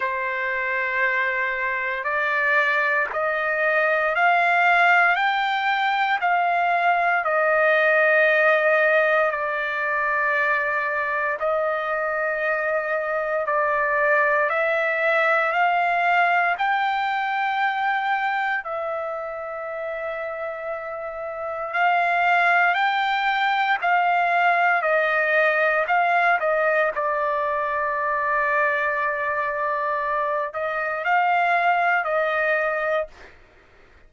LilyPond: \new Staff \with { instrumentName = "trumpet" } { \time 4/4 \tempo 4 = 58 c''2 d''4 dis''4 | f''4 g''4 f''4 dis''4~ | dis''4 d''2 dis''4~ | dis''4 d''4 e''4 f''4 |
g''2 e''2~ | e''4 f''4 g''4 f''4 | dis''4 f''8 dis''8 d''2~ | d''4. dis''8 f''4 dis''4 | }